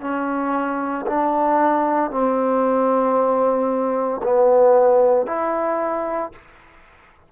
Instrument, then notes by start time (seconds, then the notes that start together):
trombone
0.00 C#4
1.06 D4
2.11 C4
4.23 B3
5.26 E4